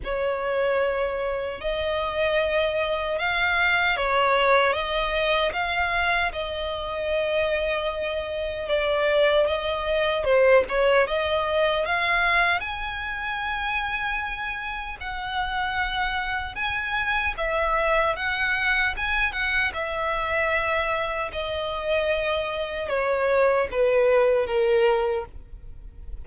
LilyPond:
\new Staff \with { instrumentName = "violin" } { \time 4/4 \tempo 4 = 76 cis''2 dis''2 | f''4 cis''4 dis''4 f''4 | dis''2. d''4 | dis''4 c''8 cis''8 dis''4 f''4 |
gis''2. fis''4~ | fis''4 gis''4 e''4 fis''4 | gis''8 fis''8 e''2 dis''4~ | dis''4 cis''4 b'4 ais'4 | }